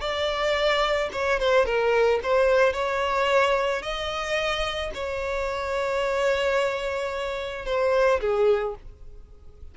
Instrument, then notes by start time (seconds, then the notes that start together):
violin
0.00 D5
1.12 C#5
1.39 C5
1.65 A#4
2.22 C5
2.73 C#5
3.82 D#5
4.94 C#5
7.65 C5
8.20 G#4